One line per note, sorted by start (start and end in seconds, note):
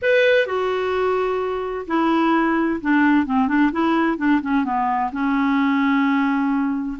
0.02 0.46 B4
0.46 1.85 F#4
1.87 2.80 E4
2.81 3.26 D4
3.26 3.48 C4
3.48 3.71 D4
3.72 4.17 E4
4.17 4.41 D4
4.41 4.64 C#4
4.64 5.10 B3
5.12 6.98 C#4